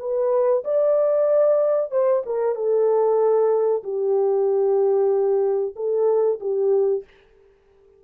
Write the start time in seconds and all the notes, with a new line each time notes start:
0.00 B4
0.65 D5
1.91 C5
2.26 A#4
2.56 A4
3.84 G4
5.76 A4
6.41 G4